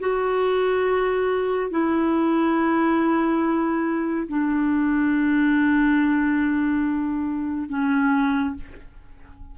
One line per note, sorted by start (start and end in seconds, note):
0.00 1.71 F#4
1.71 4.28 E4
4.28 7.69 D4
7.69 8.55 C#4